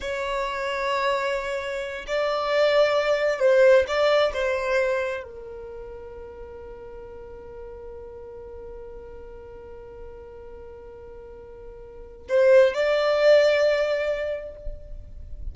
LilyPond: \new Staff \with { instrumentName = "violin" } { \time 4/4 \tempo 4 = 132 cis''1~ | cis''8 d''2. c''8~ | c''8 d''4 c''2 ais'8~ | ais'1~ |
ais'1~ | ais'1~ | ais'2. c''4 | d''1 | }